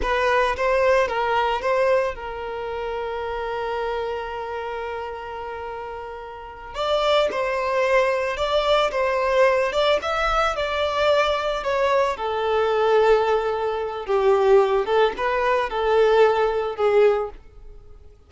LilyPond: \new Staff \with { instrumentName = "violin" } { \time 4/4 \tempo 4 = 111 b'4 c''4 ais'4 c''4 | ais'1~ | ais'1~ | ais'8 d''4 c''2 d''8~ |
d''8 c''4. d''8 e''4 d''8~ | d''4. cis''4 a'4.~ | a'2 g'4. a'8 | b'4 a'2 gis'4 | }